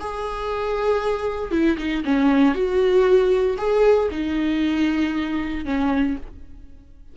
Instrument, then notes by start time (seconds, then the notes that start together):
viola
0.00 G#4
1.52 E4
1.78 D#4
2.05 C#4
2.55 F#4
3.58 G#4
4.11 D#4
5.65 C#4